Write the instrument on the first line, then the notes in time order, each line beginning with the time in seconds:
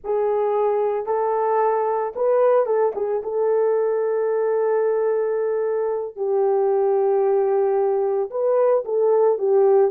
horn
0.04 G#4
1.05 A4
2.15 B4
2.65 A4
2.95 G#4
3.23 A4
6.15 G4
8.30 B4
8.84 A4
9.38 G4